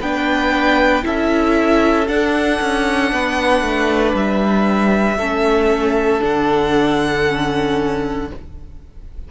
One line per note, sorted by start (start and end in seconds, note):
0.00 1.03 B3
0.00 1.02 D4
0.00 1.04 B4
0.00 1.05 G5
1.02 2.08 C#4
1.02 2.05 E4
1.02 3.12 A4
1.02 2.07 E5
2.07 5.17 D4
2.07 2.59 D4
2.07 4.14 F#5
2.61 3.12 C#4
3.12 3.61 B3
3.12 5.17 B4
3.61 4.13 A3
4.14 5.17 G3
4.14 6.23 E5
5.17 6.20 A3
5.17 6.19 C#4
5.17 8.28 A4
6.19 8.30 D3
6.19 7.23 D4
6.19 8.31 F#5
7.27 8.31 C#4